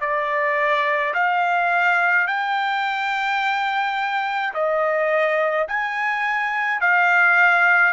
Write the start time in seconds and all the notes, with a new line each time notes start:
0.00 D5
1.14 F5
2.27 G5
4.54 D#5
5.68 G#5
6.81 F5